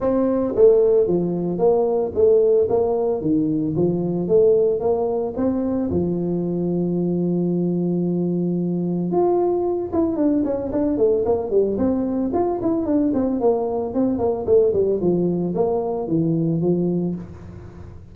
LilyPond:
\new Staff \with { instrumentName = "tuba" } { \time 4/4 \tempo 4 = 112 c'4 a4 f4 ais4 | a4 ais4 dis4 f4 | a4 ais4 c'4 f4~ | f1~ |
f4 f'4. e'8 d'8 cis'8 | d'8 a8 ais8 g8 c'4 f'8 e'8 | d'8 c'8 ais4 c'8 ais8 a8 g8 | f4 ais4 e4 f4 | }